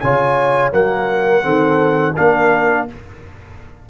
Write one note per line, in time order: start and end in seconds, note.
0.00 0.73 C#3
0.00 0.72 F4
0.00 0.72 C#5
0.00 0.71 G#5
0.72 1.44 F#3
0.72 1.42 A#3
0.72 1.44 A#4
0.72 2.16 F#5
1.42 2.15 D#3
1.42 2.14 C4
1.42 2.15 A4
2.15 2.90 A#3
2.15 2.88 D4
2.15 2.87 A#4
2.15 2.88 F5